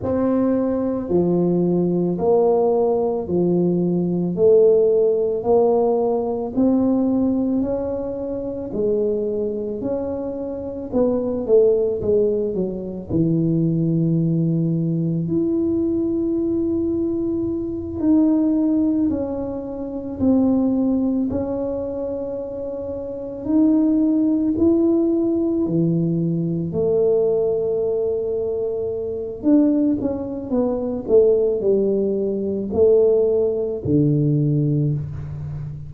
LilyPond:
\new Staff \with { instrumentName = "tuba" } { \time 4/4 \tempo 4 = 55 c'4 f4 ais4 f4 | a4 ais4 c'4 cis'4 | gis4 cis'4 b8 a8 gis8 fis8 | e2 e'2~ |
e'8 dis'4 cis'4 c'4 cis'8~ | cis'4. dis'4 e'4 e8~ | e8 a2~ a8 d'8 cis'8 | b8 a8 g4 a4 d4 | }